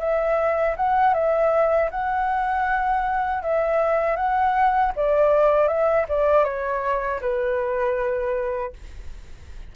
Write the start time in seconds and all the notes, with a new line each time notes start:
0.00 E5
0.77 F#5
1.14 E5
1.91 F#5
3.43 E5
4.17 F#5
4.96 D5
5.68 E5
6.09 D5
6.45 C#5
7.21 B4